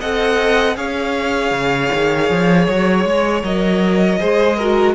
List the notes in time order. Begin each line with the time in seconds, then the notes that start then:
0.00 C4 A4 D#5 F#5
0.75 C#4 G#4 C#5 F5
1.51 C#3
1.93 D#3
2.30 F3
2.67 F#3 C#5
3.05 G#3
3.43 F#3 A#4 D#5
4.19 G#3 G#4 C5
4.57 F#4 A#4